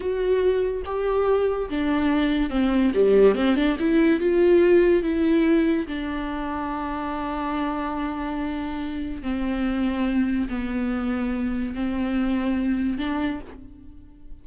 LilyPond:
\new Staff \with { instrumentName = "viola" } { \time 4/4 \tempo 4 = 143 fis'2 g'2 | d'2 c'4 g4 | c'8 d'8 e'4 f'2 | e'2 d'2~ |
d'1~ | d'2 c'2~ | c'4 b2. | c'2. d'4 | }